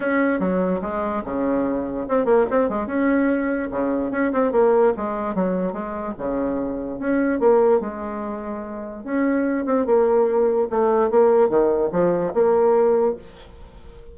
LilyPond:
\new Staff \with { instrumentName = "bassoon" } { \time 4/4 \tempo 4 = 146 cis'4 fis4 gis4 cis4~ | cis4 c'8 ais8 c'8 gis8 cis'4~ | cis'4 cis4 cis'8 c'8 ais4 | gis4 fis4 gis4 cis4~ |
cis4 cis'4 ais4 gis4~ | gis2 cis'4. c'8 | ais2 a4 ais4 | dis4 f4 ais2 | }